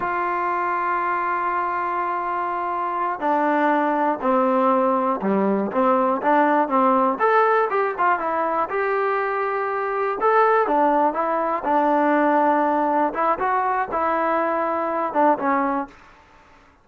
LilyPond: \new Staff \with { instrumentName = "trombone" } { \time 4/4 \tempo 4 = 121 f'1~ | f'2~ f'8 d'4.~ | d'8 c'2 g4 c'8~ | c'8 d'4 c'4 a'4 g'8 |
f'8 e'4 g'2~ g'8~ | g'8 a'4 d'4 e'4 d'8~ | d'2~ d'8 e'8 fis'4 | e'2~ e'8 d'8 cis'4 | }